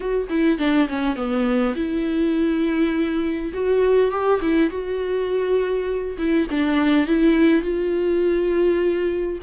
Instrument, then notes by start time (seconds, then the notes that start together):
viola
0.00 F#4
0.29 E4
0.58 D4
0.88 C#4
1.16 B3
1.75 E4
3.53 F#4
4.11 G4
4.41 E4
4.70 F#4
6.18 E4
6.50 D4
7.07 E4
7.62 F4